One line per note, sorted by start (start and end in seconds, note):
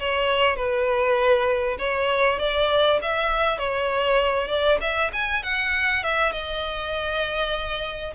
0.00 0.56 C#5
0.56 1.77 B4
1.79 2.39 C#5
2.39 3.00 D5
3.02 3.58 E5
3.58 4.48 C#5
4.48 4.78 D5
4.81 5.11 E5
5.13 5.43 G#5
5.43 6.03 F#5
6.03 6.32 E5
6.32 8.14 D#5